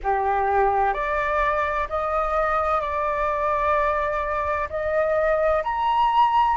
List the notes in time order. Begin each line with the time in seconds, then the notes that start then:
0.03 G4
0.93 D5
1.89 D#5
2.80 D5
4.69 D#5
5.63 A#5